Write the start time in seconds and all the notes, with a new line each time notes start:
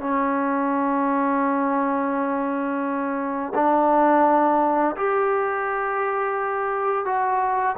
0.00 C#4
3.55 D4
4.97 G4
7.05 F#4